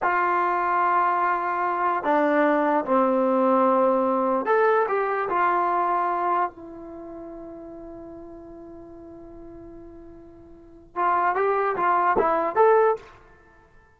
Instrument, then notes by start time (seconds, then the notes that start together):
trombone
0.02 F4
2.03 D4
2.85 C4
4.45 A4
4.88 G4
5.29 F4
6.50 E4
10.95 F4
11.35 G4
11.76 F4
12.18 E4
12.55 A4